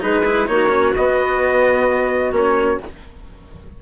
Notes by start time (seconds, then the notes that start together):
0.00 G#3 D#4 G#4 B4
0.25 E4
0.47 A#3 D#4 F#4 C#5
0.69 C#4
0.96 B3 D#5
2.31 A#3 C#4 C#5